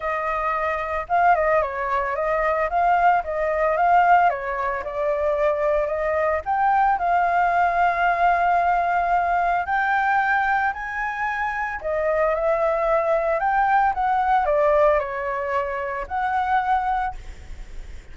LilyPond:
\new Staff \with { instrumentName = "flute" } { \time 4/4 \tempo 4 = 112 dis''2 f''8 dis''8 cis''4 | dis''4 f''4 dis''4 f''4 | cis''4 d''2 dis''4 | g''4 f''2.~ |
f''2 g''2 | gis''2 dis''4 e''4~ | e''4 g''4 fis''4 d''4 | cis''2 fis''2 | }